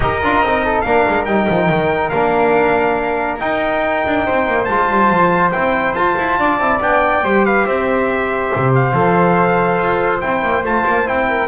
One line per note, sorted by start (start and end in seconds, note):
0.00 0.21 D#4
0.00 0.20 G4
0.00 0.64 A#4
0.00 0.81 D#5
0.22 0.41 D4
0.22 0.45 F4
0.41 0.84 C4
0.41 0.85 D#4
0.64 0.85 A4
0.81 1.06 A#3
0.81 1.27 D4
0.81 4.25 A#4
0.81 1.23 F5
1.08 1.26 G#3
1.25 1.47 G3
1.25 2.12 D#4
1.25 2.09 G5
1.49 1.69 F3
1.69 2.11 D#3
2.09 3.40 A#3
2.09 3.39 D4
2.09 3.37 F5
3.39 4.66 D#4
3.39 4.05 D#4
3.39 4.65 G5
4.06 4.27 D4
4.25 4.46 C4
4.25 6.38 C5
4.46 4.67 A#3
4.65 4.88 G#3
4.65 5.53 F4
4.65 5.50 A5
4.88 5.10 G3
5.10 5.52 F3
5.51 5.94 C4
5.51 5.95 E4
5.51 5.94 G5
5.94 6.15 F4
5.94 6.60 F4
5.94 6.80 A5
6.17 6.38 E4
6.38 6.58 D4
6.38 7.24 D5
6.58 6.79 C4
6.58 6.81 E4
6.80 7.23 B3
6.80 7.23 D4
6.80 7.45 G5
7.23 7.65 G3
7.23 8.94 G4
7.23 7.45 C5
7.45 7.66 B4
7.45 7.66 F5
7.66 8.51 C4
7.66 11.28 C5
7.66 8.72 E5
8.55 8.93 C3
8.74 10.20 F5
8.93 9.78 F3
8.93 10.21 A4
9.78 10.21 F4
10.20 10.42 C4
10.20 10.63 E4
10.20 10.63 G5
10.42 10.63 A#3
10.63 10.84 A3
10.63 11.05 F4
10.63 11.08 A5
10.86 11.07 A#3
11.05 11.48 C4
11.05 11.48 E4
11.05 11.48 G5
11.28 11.48 A#4